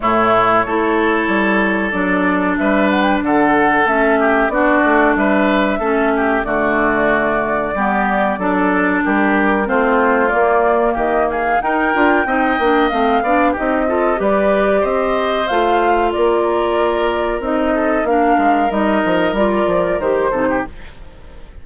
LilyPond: <<
  \new Staff \with { instrumentName = "flute" } { \time 4/4 \tempo 4 = 93 cis''2. d''4 | e''8 fis''16 g''16 fis''4 e''4 d''4 | e''2 d''2~ | d''2 ais'4 c''4 |
d''4 dis''8 f''8 g''2 | f''4 dis''4 d''4 dis''4 | f''4 d''2 dis''4 | f''4 dis''4 d''4 c''4 | }
  \new Staff \with { instrumentName = "oboe" } { \time 4/4 e'4 a'2. | b'4 a'4. g'8 fis'4 | b'4 a'8 g'8 fis'2 | g'4 a'4 g'4 f'4~ |
f'4 g'8 gis'8 ais'4 dis''4~ | dis''8 d''8 g'8 a'8 b'4 c''4~ | c''4 ais'2~ ais'8 a'8 | ais'2.~ ais'8 a'16 g'16 | }
  \new Staff \with { instrumentName = "clarinet" } { \time 4/4 a4 e'2 d'4~ | d'2 cis'4 d'4~ | d'4 cis'4 a2 | b4 d'2 c'4 |
ais2 dis'8 f'8 dis'8 d'8 | c'8 d'8 dis'8 f'8 g'2 | f'2. dis'4 | d'4 dis'4 f'4 g'8 dis'8 | }
  \new Staff \with { instrumentName = "bassoon" } { \time 4/4 a,4 a4 g4 fis4 | g4 d4 a4 b8 a8 | g4 a4 d2 | g4 fis4 g4 a4 |
ais4 dis4 dis'8 d'8 c'8 ais8 | a8 b8 c'4 g4 c'4 | a4 ais2 c'4 | ais8 gis8 g8 f8 g8 f8 dis8 c8 | }
>>